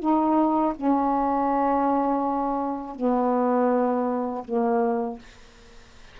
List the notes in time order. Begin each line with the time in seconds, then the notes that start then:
0.00 D#4
0.76 C#4
2.96 B3
4.45 A#3